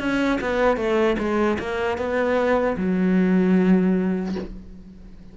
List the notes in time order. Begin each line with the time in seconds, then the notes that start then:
0.00 C#4
0.41 B3
0.77 A3
1.19 G#3
1.59 A#3
1.98 B3
2.77 F#3